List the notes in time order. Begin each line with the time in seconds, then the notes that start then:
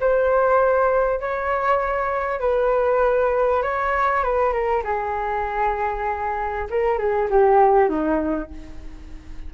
0.00 C5
1.20 C#5
2.40 B4
3.63 C#5
4.24 B4
4.53 A#4
4.84 G#4
6.70 A#4
6.98 G#4
7.30 G4
7.89 D#4